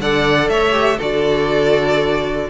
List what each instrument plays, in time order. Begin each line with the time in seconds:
0.00 cello D3, viola A4, violin D5 F#5
0.49 cello A3, violin C#5 E5
0.72 viola G4
0.97 cello D3, viola F#4, violin A4 D5